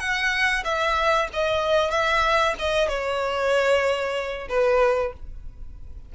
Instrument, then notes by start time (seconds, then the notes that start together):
violin
0.00 F#5
0.65 E5
1.33 D#5
1.91 E5
2.59 D#5
2.89 C#5
4.49 B4